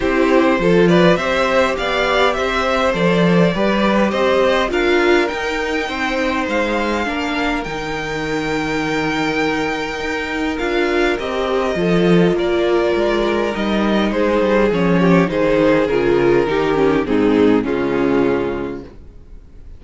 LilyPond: <<
  \new Staff \with { instrumentName = "violin" } { \time 4/4 \tempo 4 = 102 c''4. d''8 e''4 f''4 | e''4 d''2 dis''4 | f''4 g''2 f''4~ | f''4 g''2.~ |
g''2 f''4 dis''4~ | dis''4 d''2 dis''4 | c''4 cis''4 c''4 ais'4~ | ais'4 gis'4 f'2 | }
  \new Staff \with { instrumentName = "violin" } { \time 4/4 g'4 a'8 b'8 c''4 d''4 | c''2 b'4 c''4 | ais'2 c''2 | ais'1~ |
ais'1 | a'4 ais'2. | gis'4. g'8 gis'2 | g'4 dis'4 cis'2 | }
  \new Staff \with { instrumentName = "viola" } { \time 4/4 e'4 f'4 g'2~ | g'4 a'4 g'2 | f'4 dis'2. | d'4 dis'2.~ |
dis'2 f'4 g'4 | f'2. dis'4~ | dis'4 cis'4 dis'4 f'4 | dis'8 cis'8 c'4 gis2 | }
  \new Staff \with { instrumentName = "cello" } { \time 4/4 c'4 f4 c'4 b4 | c'4 f4 g4 c'4 | d'4 dis'4 c'4 gis4 | ais4 dis2.~ |
dis4 dis'4 d'4 c'4 | f4 ais4 gis4 g4 | gis8 g8 f4 dis4 cis4 | dis4 gis,4 cis2 | }
>>